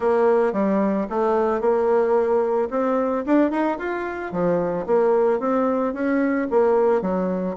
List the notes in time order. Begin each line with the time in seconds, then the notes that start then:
0.00 A#3
0.53 G3
1.09 A3
1.60 A#3
2.70 C4
3.26 D4
3.50 D#4
3.78 F4
4.31 F3
4.86 A#3
5.39 C4
5.93 C#4
6.50 A#3
7.01 F#3